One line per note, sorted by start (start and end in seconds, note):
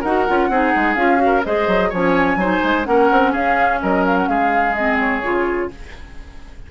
0.00 0.27 D#4
0.00 0.27 F#4
0.00 0.47 A#4
0.00 0.94 F#5
0.27 0.49 C#4
0.27 0.51 F4
0.49 0.72 C4
0.49 0.97 D#4
0.49 1.22 G#4
0.75 0.95 G#3
0.94 1.42 C#4
0.94 1.17 F4
0.94 1.42 F5
1.17 1.40 F#4
1.26 1.45 A#4
1.44 1.67 G#3
1.44 1.92 G#4
1.44 1.89 C5
1.44 1.91 D#5
1.67 1.90 F#3
1.89 2.36 F3
1.89 2.40 C#4
1.89 2.36 C#5
1.89 2.85 G#5
2.36 2.59 F#3
2.36 2.84 D#4
2.36 2.87 C5
2.63 2.86 G#3
2.84 3.10 A#3
2.84 4.73 C#4
2.84 3.31 A#4
2.84 3.32 F#5
3.11 3.34 C4
3.31 3.81 C#4
3.31 3.78 G#4
3.31 3.80 F5
3.81 4.28 F#3
3.81 4.29 A#4
3.81 4.05 D#5
4.05 4.16 F5
4.16 4.27 F#5
4.27 5.22 G#3
4.27 5.71 G#4
4.27 4.75 F5
4.75 5.22 C4
4.75 4.98 D#5
4.99 5.70 C#5
5.22 5.70 C#3
5.22 5.69 F4